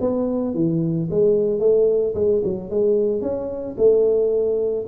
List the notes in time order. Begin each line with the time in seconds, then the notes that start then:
0.00 B3
0.54 E3
1.10 G#3
1.59 A3
2.14 G#3
2.43 F#3
2.70 G#3
3.21 C#4
3.77 A3